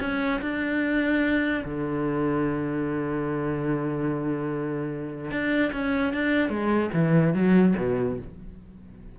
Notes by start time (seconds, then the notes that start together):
0.00 C#4
0.42 D4
1.65 D3
5.31 D4
5.73 C#4
6.14 D4
6.50 G#3
6.94 E3
7.34 F#3
7.78 B2